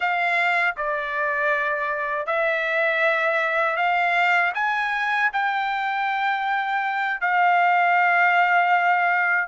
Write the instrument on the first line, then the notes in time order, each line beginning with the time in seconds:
trumpet
0.00 F5
0.76 D5
2.26 E5
3.76 F5
4.54 G#5
5.32 G5
7.20 F5